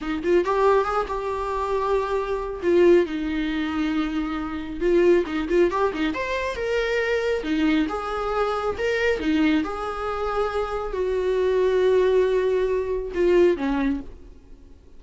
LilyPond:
\new Staff \with { instrumentName = "viola" } { \time 4/4 \tempo 4 = 137 dis'8 f'8 g'4 gis'8 g'4.~ | g'2 f'4 dis'4~ | dis'2. f'4 | dis'8 f'8 g'8 dis'8 c''4 ais'4~ |
ais'4 dis'4 gis'2 | ais'4 dis'4 gis'2~ | gis'4 fis'2.~ | fis'2 f'4 cis'4 | }